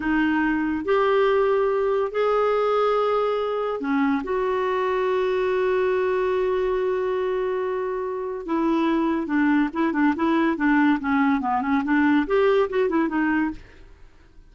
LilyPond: \new Staff \with { instrumentName = "clarinet" } { \time 4/4 \tempo 4 = 142 dis'2 g'2~ | g'4 gis'2.~ | gis'4 cis'4 fis'2~ | fis'1~ |
fis'1 | e'2 d'4 e'8 d'8 | e'4 d'4 cis'4 b8 cis'8 | d'4 g'4 fis'8 e'8 dis'4 | }